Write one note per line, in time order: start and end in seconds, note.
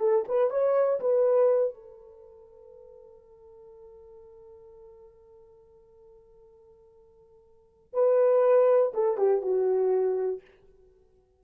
0.00 0.25 A4
0.28 0.50 B4
0.50 1.00 C#5
1.00 1.74 B4
1.74 7.94 A4
7.94 8.93 B4
8.94 9.18 A4
9.18 9.42 G4
9.42 10.41 F#4